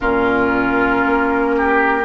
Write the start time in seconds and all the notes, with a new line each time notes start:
0.00 A#2 C#4 F4 A#4
1.05 A#3
1.57 G4